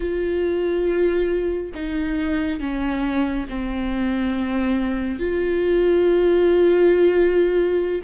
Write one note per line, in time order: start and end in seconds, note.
0.00 1.72 F4
1.74 2.60 D#4
2.60 3.47 C#4
3.49 5.19 C4
5.19 8.01 F4